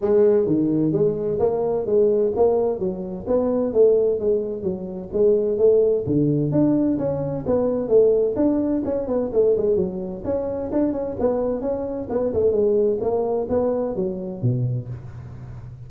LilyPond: \new Staff \with { instrumentName = "tuba" } { \time 4/4 \tempo 4 = 129 gis4 dis4 gis4 ais4 | gis4 ais4 fis4 b4 | a4 gis4 fis4 gis4 | a4 d4 d'4 cis'4 |
b4 a4 d'4 cis'8 b8 | a8 gis8 fis4 cis'4 d'8 cis'8 | b4 cis'4 b8 a8 gis4 | ais4 b4 fis4 b,4 | }